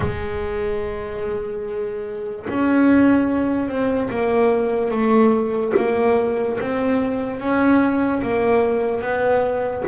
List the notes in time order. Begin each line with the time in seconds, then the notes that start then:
0.00 G#3
2.49 C#4
3.68 C4
4.10 A#3
4.91 A3
5.76 A#3
6.60 C4
7.40 C#4
8.22 A#3
9.01 B3